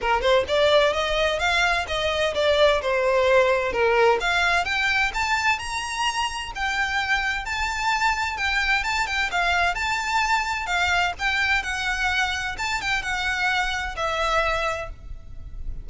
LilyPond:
\new Staff \with { instrumentName = "violin" } { \time 4/4 \tempo 4 = 129 ais'8 c''8 d''4 dis''4 f''4 | dis''4 d''4 c''2 | ais'4 f''4 g''4 a''4 | ais''2 g''2 |
a''2 g''4 a''8 g''8 | f''4 a''2 f''4 | g''4 fis''2 a''8 g''8 | fis''2 e''2 | }